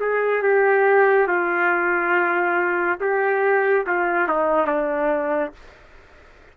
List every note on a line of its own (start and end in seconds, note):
0.00 0.42 G#4
0.42 1.28 G4
1.28 2.99 F4
3.00 3.86 G4
3.86 4.28 F4
4.28 4.67 D#4
4.67 5.52 D4